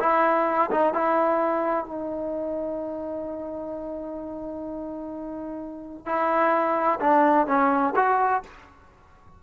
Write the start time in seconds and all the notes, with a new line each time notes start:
0.00 E4
0.71 D#4
0.94 E4
1.86 D#4
6.06 E4
7.01 D4
7.47 C#4
7.96 F#4